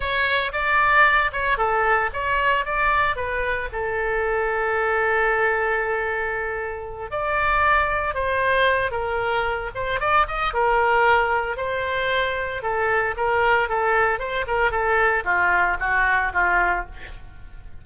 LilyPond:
\new Staff \with { instrumentName = "oboe" } { \time 4/4 \tempo 4 = 114 cis''4 d''4. cis''8 a'4 | cis''4 d''4 b'4 a'4~ | a'1~ | a'4. d''2 c''8~ |
c''4 ais'4. c''8 d''8 dis''8 | ais'2 c''2 | a'4 ais'4 a'4 c''8 ais'8 | a'4 f'4 fis'4 f'4 | }